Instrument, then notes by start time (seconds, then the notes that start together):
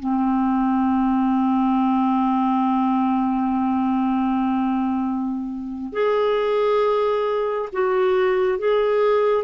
clarinet
0.00 C4
5.93 G#4
7.73 F#4
8.59 G#4